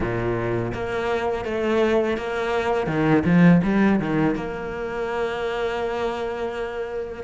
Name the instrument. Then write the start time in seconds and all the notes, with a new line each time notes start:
cello
0.00 A#2
0.73 A#3
1.45 A3
2.17 A#3
2.87 D#3
3.25 F3
3.63 G3
3.99 D#3
4.35 A#3